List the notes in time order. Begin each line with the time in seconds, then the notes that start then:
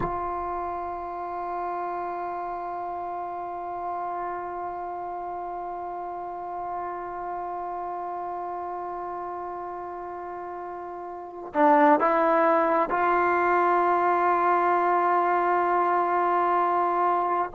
0.00 F4
11.53 D4
12.00 E4
12.89 F4